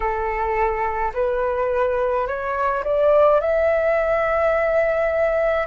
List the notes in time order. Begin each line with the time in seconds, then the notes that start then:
0.00 A4
1.13 B4
2.26 C#5
2.84 D5
3.40 E5